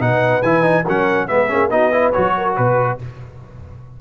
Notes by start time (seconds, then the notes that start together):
0.00 B2 D#4 B4 F#5
0.42 E3 E4 G#5
0.62 D#4
0.84 F#3 C#4 A#4 F#5
1.27 G#3 B3 G#4 E5
1.48 A#3 C#4
1.70 B3 D#4 F#4 D#5
1.91 E4 B4
2.12 F#3 F#4 C#5
2.37 A#4
2.57 B2 B4